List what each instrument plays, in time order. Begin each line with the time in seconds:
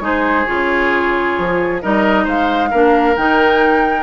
0.00 bassoon G#3, clarinet D#4, oboe G#4, flute C5
0.46 bassoon C#3, clarinet F4, flute C#5
1.38 bassoon F3
1.81 bassoon G3, clarinet D#4, oboe A#4, flute D#5
2.24 bassoon G#3, oboe C5, flute F5
2.70 bassoon A#3, clarinet D4, oboe A#4
3.16 bassoon D#3, clarinet D#4, flute G5